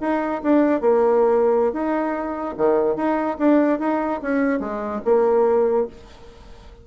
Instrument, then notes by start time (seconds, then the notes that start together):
bassoon
0.00 D#4
0.43 D4
0.81 A#3
1.72 D#4
2.57 D#3
2.96 D#4
3.38 D4
3.79 D#4
4.22 C#4
4.59 G#3
5.04 A#3